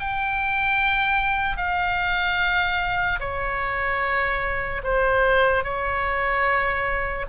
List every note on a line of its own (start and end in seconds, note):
0.00 1.57 G5
1.57 3.20 F5
3.20 4.82 C#5
4.84 5.64 C5
5.64 7.26 C#5